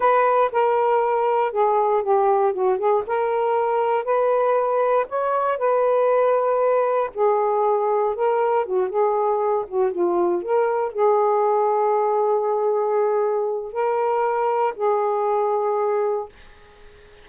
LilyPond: \new Staff \with { instrumentName = "saxophone" } { \time 4/4 \tempo 4 = 118 b'4 ais'2 gis'4 | g'4 fis'8 gis'8 ais'2 | b'2 cis''4 b'4~ | b'2 gis'2 |
ais'4 fis'8 gis'4. fis'8 f'8~ | f'8 ais'4 gis'2~ gis'8~ | gis'2. ais'4~ | ais'4 gis'2. | }